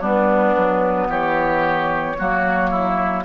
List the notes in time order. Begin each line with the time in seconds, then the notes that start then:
0.00 G3 B3 D4 B4
0.56 F#3
1.08 E3 G4 C#5
2.18 F#3 A#3 F#4
2.70 E4